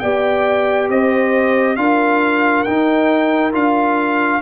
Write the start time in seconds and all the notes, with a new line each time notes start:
0.00 B3 G4 D5 G5
0.90 C4 C5 D#5
1.76 D4 F4 A#4 F5
2.63 D#4 G5
3.53 D4 F4 F5